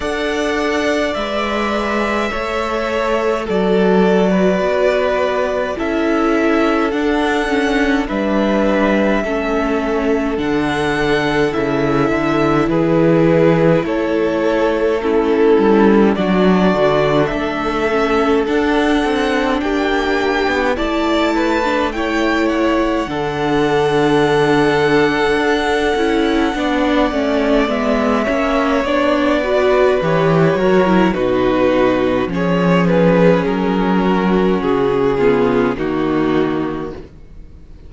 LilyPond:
<<
  \new Staff \with { instrumentName = "violin" } { \time 4/4 \tempo 4 = 52 fis''4 e''2 d''4~ | d''4 e''4 fis''4 e''4~ | e''4 fis''4 e''4 b'4 | cis''4 a'4 d''4 e''4 |
fis''4 g''4 a''4 g''8 fis''8~ | fis''1 | e''4 d''4 cis''4 b'4 | cis''8 b'8 ais'4 gis'4 fis'4 | }
  \new Staff \with { instrumentName = "violin" } { \time 4/4 d''2 cis''4 a'8. b'16~ | b'4 a'2 b'4 | a'2. gis'4 | a'4 e'4 fis'4 a'4~ |
a'4 g'4 d''8 b'8 cis''4 | a'2. d''4~ | d''8 cis''4 b'4 ais'8 fis'4 | gis'4. fis'4 f'8 dis'4 | }
  \new Staff \with { instrumentName = "viola" } { \time 4/4 a'4 b'4 a'4 fis'4~ | fis'4 e'4 d'8 cis'8 d'4 | cis'4 d'4 e'2~ | e'4 cis'4 d'4. cis'8 |
d'2 e'8. d'16 e'4 | d'2~ d'8 e'8 d'8 cis'8 | b8 cis'8 d'8 fis'8 g'8 fis'16 e'16 dis'4 | cis'2~ cis'8 b8 ais4 | }
  \new Staff \with { instrumentName = "cello" } { \time 4/4 d'4 gis4 a4 fis4 | b4 cis'4 d'4 g4 | a4 d4 cis8 d8 e4 | a4. g8 fis8 d8 a4 |
d'8 c'8 ais8. b16 a2 | d2 d'8 cis'8 b8 a8 | gis8 ais8 b4 e8 fis8 b,4 | f4 fis4 cis4 dis4 | }
>>